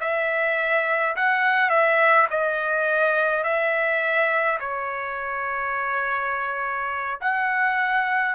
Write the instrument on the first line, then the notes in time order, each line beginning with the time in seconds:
trumpet
0.00 E5
1.15 F#5
1.69 E5
2.30 D#5
3.43 E5
4.60 C#5
7.20 F#5